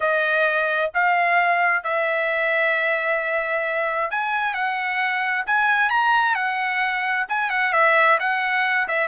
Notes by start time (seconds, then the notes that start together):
0.00 D#5
0.94 F5
1.83 E5
4.11 G#5
4.54 F#5
5.46 G#5
5.89 A#5
6.35 F#5
7.29 G#5
7.50 F#5
7.73 E5
8.19 F#5
8.88 E5